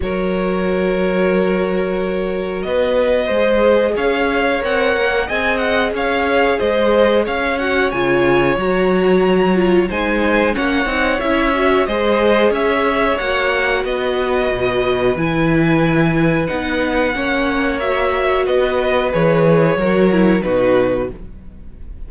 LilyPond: <<
  \new Staff \with { instrumentName = "violin" } { \time 4/4 \tempo 4 = 91 cis''1 | dis''2 f''4 fis''4 | gis''8 fis''8 f''4 dis''4 f''8 fis''8 | gis''4 ais''2 gis''4 |
fis''4 e''4 dis''4 e''4 | fis''4 dis''2 gis''4~ | gis''4 fis''2 e''4 | dis''4 cis''2 b'4 | }
  \new Staff \with { instrumentName = "violin" } { \time 4/4 ais'1 | b'4 c''4 cis''2 | dis''4 cis''4 c''4 cis''4~ | cis''2. c''4 |
cis''2 c''4 cis''4~ | cis''4 b'2.~ | b'2 cis''2 | b'2 ais'4 fis'4 | }
  \new Staff \with { instrumentName = "viola" } { \time 4/4 fis'1~ | fis'4 gis'2 ais'4 | gis'2.~ gis'8 fis'8 | f'4 fis'4. f'8 dis'4 |
cis'8 dis'8 e'8 fis'8 gis'2 | fis'2. e'4~ | e'4 dis'4 cis'4 fis'4~ | fis'4 gis'4 fis'8 e'8 dis'4 | }
  \new Staff \with { instrumentName = "cello" } { \time 4/4 fis1 | b4 gis4 cis'4 c'8 ais8 | c'4 cis'4 gis4 cis'4 | cis4 fis2 gis4 |
ais8 c'8 cis'4 gis4 cis'4 | ais4 b4 b,4 e4~ | e4 b4 ais2 | b4 e4 fis4 b,4 | }
>>